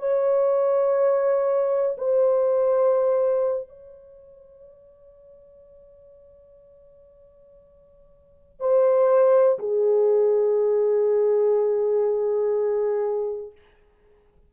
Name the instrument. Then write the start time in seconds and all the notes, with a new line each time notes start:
horn
0.00 C#5
1.98 C5
3.69 C#5
8.61 C5
9.59 G#4